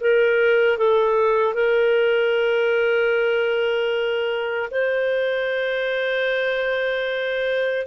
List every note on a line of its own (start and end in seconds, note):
0.00 0.77 A#4
0.77 1.54 A4
1.54 4.69 A#4
4.71 7.86 C5